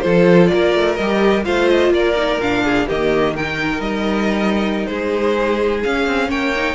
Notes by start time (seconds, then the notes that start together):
0.00 F3 F4 A4 C5
0.47 A#4 D5
0.53 A#3
0.74 A3
0.96 G3 G4 D#5
1.44 A3 F4 C5 F5
1.68 D#5
1.90 A#3 A#4 D5
2.16 D#4
2.39 A#2 D4 F5
2.64 G#4
2.87 D#3 A#3 G4 D#5
3.36 D#4 A#4 G5
3.79 G3 D#5
4.86 G#3 G#4 C5
5.83 C#4 F5
6.06 C4
6.28 A#3 C#5 G5
6.56 D#4